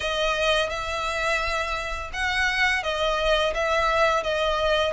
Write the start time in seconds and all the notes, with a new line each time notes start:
0.00 D#5
0.69 E5
2.13 F#5
2.83 D#5
3.54 E5
4.23 D#5